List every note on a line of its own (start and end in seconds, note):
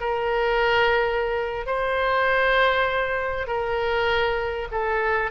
0.00 1.66 A#4
1.66 3.47 C5
3.47 4.68 A#4
4.71 5.31 A4